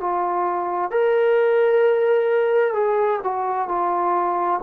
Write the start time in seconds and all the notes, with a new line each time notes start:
0.00 F4
0.91 A#4
2.74 G#4
3.23 F#4
3.68 F4